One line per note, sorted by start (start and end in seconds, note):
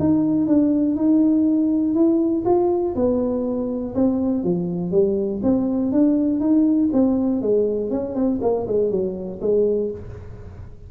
0.00 0.48 D#4
0.48 0.96 D4
0.96 1.95 D#4
1.95 2.45 E4
2.46 2.95 F4
2.96 3.95 B3
3.95 4.44 C4
4.44 4.92 F3
4.92 5.41 G3
5.43 5.93 C4
5.93 6.41 D4
6.41 6.90 D#4
6.93 7.42 C4
7.42 7.91 G#3
7.91 8.15 C#4
8.15 8.40 C4
8.42 8.67 A#3
8.68 8.91 G#3
8.91 9.41 F#3
9.42 9.92 G#3